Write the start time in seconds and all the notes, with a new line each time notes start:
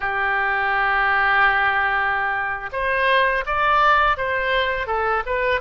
0.00 G4
2.72 C5
3.46 D5
4.17 C5
4.87 A4
5.25 B4